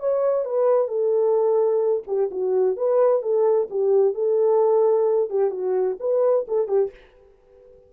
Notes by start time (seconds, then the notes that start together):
0.00 C#5
0.45 B4
0.88 A4
2.07 G4
2.31 F#4
2.77 B4
3.22 A4
3.70 G4
4.15 A4
5.30 G4
5.51 F#4
6.00 B4
6.48 A4
6.68 G4